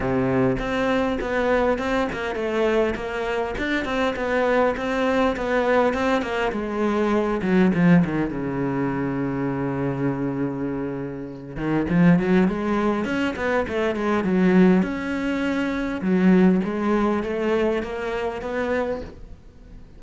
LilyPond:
\new Staff \with { instrumentName = "cello" } { \time 4/4 \tempo 4 = 101 c4 c'4 b4 c'8 ais8 | a4 ais4 d'8 c'8 b4 | c'4 b4 c'8 ais8 gis4~ | gis8 fis8 f8 dis8 cis2~ |
cis2.~ cis8 dis8 | f8 fis8 gis4 cis'8 b8 a8 gis8 | fis4 cis'2 fis4 | gis4 a4 ais4 b4 | }